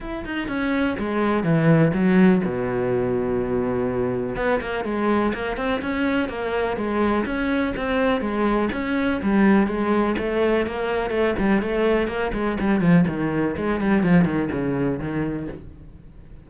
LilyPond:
\new Staff \with { instrumentName = "cello" } { \time 4/4 \tempo 4 = 124 e'8 dis'8 cis'4 gis4 e4 | fis4 b,2.~ | b,4 b8 ais8 gis4 ais8 c'8 | cis'4 ais4 gis4 cis'4 |
c'4 gis4 cis'4 g4 | gis4 a4 ais4 a8 g8 | a4 ais8 gis8 g8 f8 dis4 | gis8 g8 f8 dis8 cis4 dis4 | }